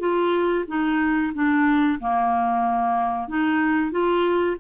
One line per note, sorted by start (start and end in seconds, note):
0.00 0.65 F4
0.68 1.33 D#4
1.34 2.00 D4
2.00 3.28 A#3
3.28 3.91 D#4
3.91 4.57 F4